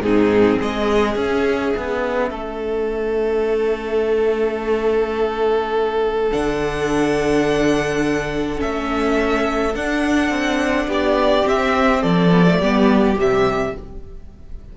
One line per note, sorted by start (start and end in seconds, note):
0.00 0.57 G#2
0.00 1.17 C4
0.00 0.58 D#4
0.00 0.60 G#4
0.58 1.15 G#3
0.58 2.29 G#4
0.58 1.18 D#5
1.15 1.73 C#4
1.15 6.31 C#4
1.15 6.32 E5
1.76 2.31 B3
2.31 6.31 A3
2.31 10.87 A4
6.31 8.62 D3
6.31 8.57 D4
6.31 8.60 F#5
8.57 9.71 C#4
8.57 9.75 E5
8.63 9.75 A3
9.75 10.30 D4
9.75 11.42 D4
9.75 10.89 F#5
10.30 10.87 C4
10.87 11.44 B3
10.87 12.01 G4
10.87 11.48 D5
11.42 12.28 C4
11.42 12.03 C4
11.42 12.02 E5
12.01 12.60 F3
12.01 12.58 A4
12.01 13.16 D5
12.31 12.45 B3
12.48 12.62 A3
12.58 13.16 G3
12.58 13.16 B3
12.58 13.72 G4
13.16 13.73 C3
13.16 13.73 G3
13.16 13.77 E5